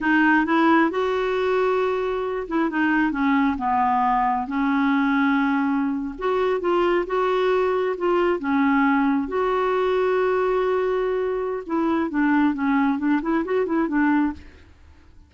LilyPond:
\new Staff \with { instrumentName = "clarinet" } { \time 4/4 \tempo 4 = 134 dis'4 e'4 fis'2~ | fis'4. e'8 dis'4 cis'4 | b2 cis'2~ | cis'4.~ cis'16 fis'4 f'4 fis'16~ |
fis'4.~ fis'16 f'4 cis'4~ cis'16~ | cis'8. fis'2.~ fis'16~ | fis'2 e'4 d'4 | cis'4 d'8 e'8 fis'8 e'8 d'4 | }